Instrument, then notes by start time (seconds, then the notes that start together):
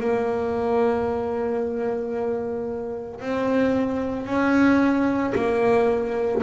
double bass
0.00 A#3
3.20 C4
4.26 C#4
5.35 A#3